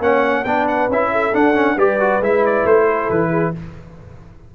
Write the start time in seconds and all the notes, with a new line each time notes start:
0.00 A#3 C#4 C#5 F#5
0.45 B3 D4 B4 G5
0.68 F#5
0.89 C#4 E4 E5
1.12 A4
1.33 D4 F#5
1.54 C#4
1.76 G3 G4 B4 D5
2.00 F#4
2.20 G#3 E4 E5
2.46 D5
2.65 A3 C5
2.88 A4
3.10 E3 B4
3.30 G#4